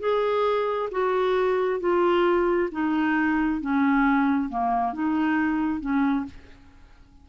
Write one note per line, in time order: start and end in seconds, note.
0.00 0.90 G#4
0.92 1.80 F#4
1.80 2.70 F4
2.72 3.61 D#4
3.61 4.49 C#4
4.49 4.93 A#3
4.93 5.80 D#4
5.80 6.25 C#4